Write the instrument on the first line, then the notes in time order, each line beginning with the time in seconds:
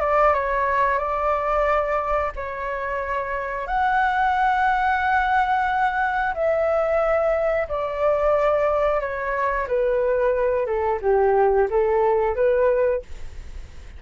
flute
0.00 D5
0.33 C#5
0.98 D5
2.35 C#5
3.67 F#5
6.34 E5
7.68 D5
9.00 C#5
9.67 B4
10.65 A4
11.02 G4
11.70 A4
12.35 B4